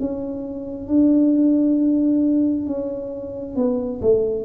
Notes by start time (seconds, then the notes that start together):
0.00 C#4
0.88 D4
2.67 C#4
3.56 B3
4.02 A3